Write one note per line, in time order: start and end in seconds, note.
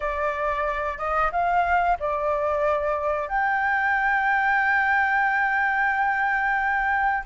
0.00 0.97 D5
0.97 1.30 D#5
1.32 1.98 F5
1.99 3.28 D5
3.28 7.23 G5